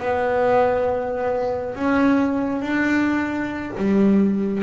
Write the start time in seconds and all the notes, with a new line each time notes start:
0.00 B3
1.75 C#4
2.62 D4
3.78 G3